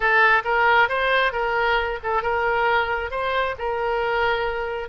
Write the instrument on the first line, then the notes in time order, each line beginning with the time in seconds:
oboe
0.00 A4
0.44 A#4
0.88 C5
1.32 A#4
2.03 A4
2.22 A#4
3.10 C5
3.58 A#4